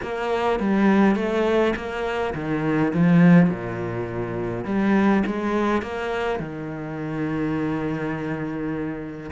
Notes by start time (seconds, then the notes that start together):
0.02 A#3
0.59 G3
1.15 A3
1.76 A#3
2.34 D#3
2.93 F3
3.50 A#2
4.64 G3
5.26 G#3
5.82 A#3
6.39 D#3